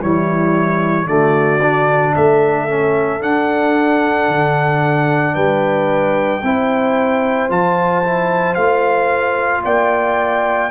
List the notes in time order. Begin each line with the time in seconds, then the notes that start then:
0.00 E3 G3 E4 C#5
1.06 D3 A3 F#4 D5
1.62 D4
2.15 A3 A4 E5
2.69 C#4
3.21 D4 F#5
4.29 D3
5.34 G3 B4 G5
6.43 C4 E4 C5
7.50 F3 F4 A5
8.04 E4
8.55 A3 F4 F5
9.64 A#3 D5 G5